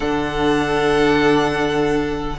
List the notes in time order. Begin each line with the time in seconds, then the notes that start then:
0.00 D3 D4 A4 F#5